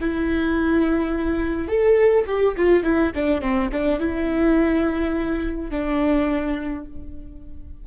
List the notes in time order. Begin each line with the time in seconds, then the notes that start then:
0.00 E4
1.68 A4
2.26 G4
2.56 F4
2.83 E4
3.15 D4
3.41 C4
3.72 D4
3.99 E4
5.70 D4